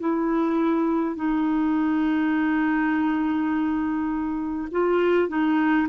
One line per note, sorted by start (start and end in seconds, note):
0.00 1.16 E4
1.16 4.69 D#4
4.72 5.29 F4
5.29 5.88 D#4